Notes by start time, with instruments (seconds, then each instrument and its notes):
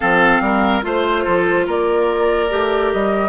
0.00 bassoon F3, clarinet C4, oboe A4, flute F5
0.40 bassoon G3, oboe A#4
0.82 bassoon A3, clarinet F4, flute C5, oboe C5
1.24 bassoon F3, oboe A4
1.66 bassoon A#3, oboe A#4, flute D5
2.49 bassoon A3, clarinet G4
2.92 bassoon G3, flute D#5